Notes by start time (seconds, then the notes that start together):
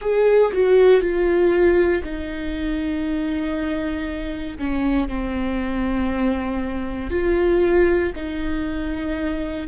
0.01 G#4
0.53 F#4
1.00 F4
2.03 D#4
4.58 C#4
5.08 C4
7.10 F4
8.15 D#4